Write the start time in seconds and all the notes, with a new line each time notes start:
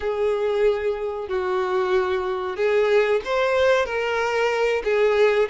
0.00 G#4
1.28 F#4
2.56 G#4
3.24 C5
3.85 A#4
4.84 G#4